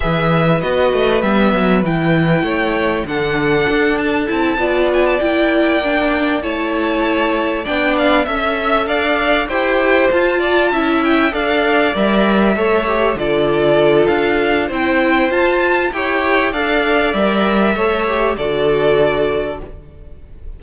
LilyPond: <<
  \new Staff \with { instrumentName = "violin" } { \time 4/4 \tempo 4 = 98 e''4 dis''4 e''4 g''4~ | g''4 fis''4. a''4. | gis''16 a''16 g''2 a''4.~ | a''8 g''8 f''8 e''4 f''4 g''8~ |
g''8 a''4. g''8 f''4 e''8~ | e''4. d''4. f''4 | g''4 a''4 g''4 f''4 | e''2 d''2 | }
  \new Staff \with { instrumentName = "violin" } { \time 4/4 b'1 | cis''4 a'2~ a'8 d''8~ | d''2~ d''8 cis''4.~ | cis''8 d''4 e''4 d''4 c''8~ |
c''4 d''8 e''4 d''4.~ | d''8 cis''4 a'2~ a'8 | c''2 cis''4 d''4~ | d''4 cis''4 a'2 | }
  \new Staff \with { instrumentName = "viola" } { \time 4/4 gis'4 fis'4 b4 e'4~ | e'4 d'2 e'8 f'8~ | f'8 e'4 d'4 e'4.~ | e'8 d'4 a'2 g'8~ |
g'8 f'4 e'4 a'4 ais'8~ | ais'8 a'8 g'8 f'2~ f'8 | e'4 f'4 g'4 a'4 | ais'4 a'8 g'8 fis'2 | }
  \new Staff \with { instrumentName = "cello" } { \time 4/4 e4 b8 a8 g8 fis8 e4 | a4 d4 d'4 c'8 b8~ | b8 ais2 a4.~ | a8 b4 cis'4 d'4 e'8~ |
e'8 f'4 cis'4 d'4 g8~ | g8 a4 d4. d'4 | c'4 f'4 e'4 d'4 | g4 a4 d2 | }
>>